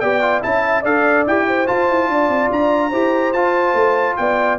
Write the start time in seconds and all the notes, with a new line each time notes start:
0.00 B3 G4 D5 G5
0.21 F4
0.41 C#4 E4 E5 A5
0.82 D4 A4 D5 F5
1.26 E4 G4 G5
1.47 C5
1.66 F4 A5
1.89 E4
2.08 D4 D5
2.28 C4
2.51 D4 A#5
2.90 E4 G4 C5
3.33 F4 A5
3.74 A3
4.16 B3 D5 G5